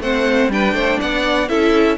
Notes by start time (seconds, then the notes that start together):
0.00 A3 C4 C5 F#5
0.49 G3 D4 B4 G5
0.73 A3 C5
1.01 B3 D5 F#5
1.48 C#4 E4 A4 E5